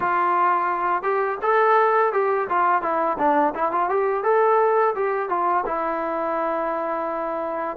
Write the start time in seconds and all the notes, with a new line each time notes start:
0.00 F4
1.02 G4
1.42 A4
2.12 G4
2.49 F4
2.82 E4
3.18 D4
3.55 E4
3.71 F4
3.89 G4
4.24 A4
4.95 G4
5.29 F4
5.66 E4